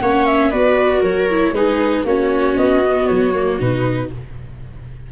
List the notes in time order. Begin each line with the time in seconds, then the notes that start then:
0.00 A#3 C#4 C#5 F#5
0.26 E5
0.50 B3 F#4 B4 D5
1.00 F#3 A#4 C#5
1.29 E4
1.51 G#3 D#4 G#4 B4
2.04 A#3 C#4 F#4 C#5
2.56 B3 D#5
2.83 B3
3.06 F#3 C#5
3.34 A#3
3.59 B2 D#4 B4